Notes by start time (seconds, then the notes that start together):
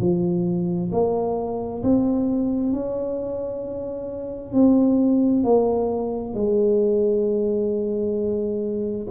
0.00 F3
0.92 A#3
1.83 C4
2.73 C#4
4.53 C4
5.44 A#3
6.35 G#3